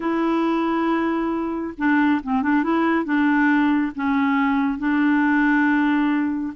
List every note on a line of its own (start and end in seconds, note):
0.00 1.74 E4
1.77 2.21 D4
2.23 2.42 C4
2.42 2.63 D4
2.63 3.04 E4
3.04 3.92 D4
3.95 4.78 C#4
4.78 6.53 D4